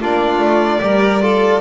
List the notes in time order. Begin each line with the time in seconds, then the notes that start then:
0.00 A#3 D4 F4 D5
0.39 A3
0.80 G3 G4 A#4
1.21 F4 A4